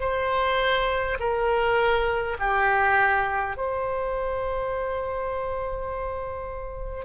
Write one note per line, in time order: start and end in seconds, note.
0.00 1.18 C5
1.20 2.37 A#4
2.39 3.57 G4
3.57 7.05 C5